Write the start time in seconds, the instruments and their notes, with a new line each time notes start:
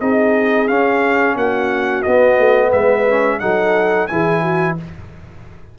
0.00 tuba C4, trombone D#4, horn G#4, trumpet D#5
0.68 trombone C#4, tuba C#4, trumpet F5
1.36 tuba A#3, horn F#4, trumpet F#5
2.02 trombone B3, tuba B3, trumpet D#5
2.38 tuba A3
2.68 tuba G#3, horn B4, trumpet E5
3.08 trombone C#4
3.39 tuba F#3, trombone D#4, horn A4, trumpet F#5
4.07 tuba E3, trombone E4, horn G#4, trumpet G#5
4.41 horn F#4